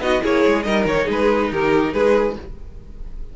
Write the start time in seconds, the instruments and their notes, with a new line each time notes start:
0.00 cello B3, viola D#4, violin F#4 D#5
0.20 cello A#3, viola E4, violin G#4 C#5
0.47 cello G#3
0.63 cello G3, viola D#4, violin A#4 D#5
0.86 cello D#3, violin C#5
1.04 cello G#3, violin G#4
1.11 violin B4
1.51 cello D#3, violin G4 A#4
1.93 cello G#3, violin G#4 B4